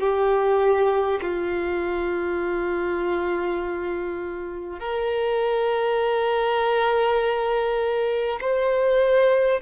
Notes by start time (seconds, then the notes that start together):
0.00 G4
1.22 F4
4.80 A#4
8.41 C5